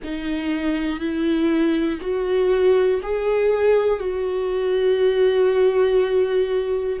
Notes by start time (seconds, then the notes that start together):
0.03 D#4
0.99 E4
2.00 F#4
3.02 G#4
4.00 F#4